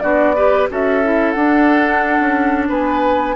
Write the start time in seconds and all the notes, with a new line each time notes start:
0.00 B3 D4 F#4 D5
0.36 G4 B4
0.70 C#4 F#4 A4 E5
1.03 E4
1.31 D4 F#5
2.20 C#4
2.69 B3 B4 G#5